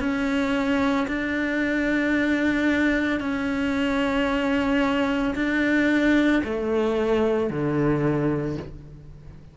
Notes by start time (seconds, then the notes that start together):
0.00 C#4
1.08 D4
3.20 C#4
5.35 D4
6.44 A3
7.50 D3